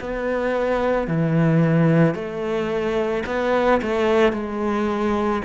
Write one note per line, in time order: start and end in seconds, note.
0.00 1.07 B3
1.07 2.14 E3
2.14 3.23 A3
3.26 3.81 B3
3.82 4.32 A3
4.32 5.41 G#3